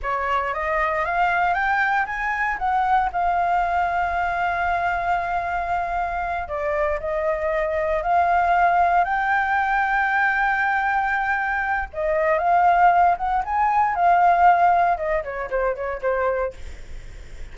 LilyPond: \new Staff \with { instrumentName = "flute" } { \time 4/4 \tempo 4 = 116 cis''4 dis''4 f''4 g''4 | gis''4 fis''4 f''2~ | f''1~ | f''8 d''4 dis''2 f''8~ |
f''4. g''2~ g''8~ | g''2. dis''4 | f''4. fis''8 gis''4 f''4~ | f''4 dis''8 cis''8 c''8 cis''8 c''4 | }